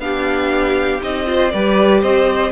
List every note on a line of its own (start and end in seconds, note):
0.00 1.01 B3
0.00 1.02 D4
0.00 1.28 G4
0.00 1.01 F5
1.02 1.54 C4
1.02 1.27 D#4
1.02 1.51 D#5
1.27 1.52 F4
1.27 1.53 C5
1.51 2.03 G3
1.51 2.52 G4
1.51 2.01 B4
1.51 2.01 D5
2.01 2.52 C4
2.01 2.52 C5
2.01 2.52 D#5